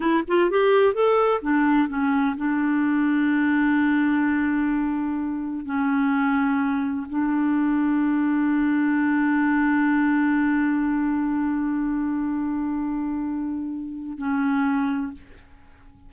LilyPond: \new Staff \with { instrumentName = "clarinet" } { \time 4/4 \tempo 4 = 127 e'8 f'8 g'4 a'4 d'4 | cis'4 d'2.~ | d'1 | cis'2. d'4~ |
d'1~ | d'1~ | d'1~ | d'2 cis'2 | }